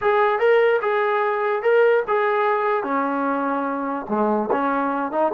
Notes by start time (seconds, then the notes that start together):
0.01 G#4
0.39 A#4
0.81 G#4
1.62 A#4
2.07 G#4
2.83 C#4
4.08 G#3
4.51 C#4
5.11 D#4